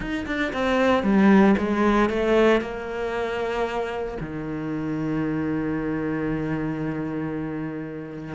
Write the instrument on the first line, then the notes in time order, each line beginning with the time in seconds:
cello
0.00 D#4
0.26 D4
0.52 C4
1.03 G3
1.57 G#3
2.09 A3
2.61 A#3
4.20 D#3